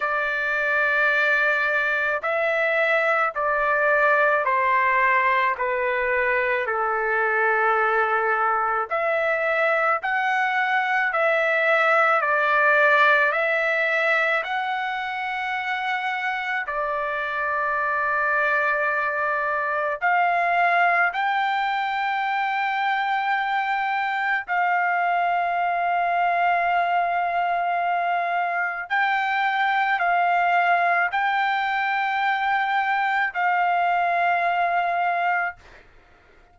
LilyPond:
\new Staff \with { instrumentName = "trumpet" } { \time 4/4 \tempo 4 = 54 d''2 e''4 d''4 | c''4 b'4 a'2 | e''4 fis''4 e''4 d''4 | e''4 fis''2 d''4~ |
d''2 f''4 g''4~ | g''2 f''2~ | f''2 g''4 f''4 | g''2 f''2 | }